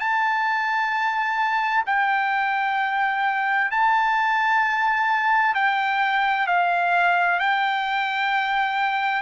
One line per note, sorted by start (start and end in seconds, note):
0.00 1.85 A5
1.87 3.71 G5
3.72 5.55 A5
5.55 6.47 G5
6.47 7.40 F5
7.40 9.22 G5